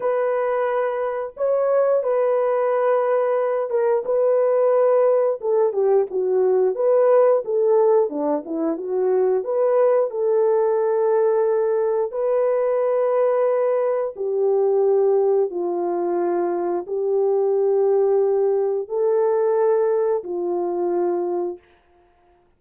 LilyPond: \new Staff \with { instrumentName = "horn" } { \time 4/4 \tempo 4 = 89 b'2 cis''4 b'4~ | b'4. ais'8 b'2 | a'8 g'8 fis'4 b'4 a'4 | d'8 e'8 fis'4 b'4 a'4~ |
a'2 b'2~ | b'4 g'2 f'4~ | f'4 g'2. | a'2 f'2 | }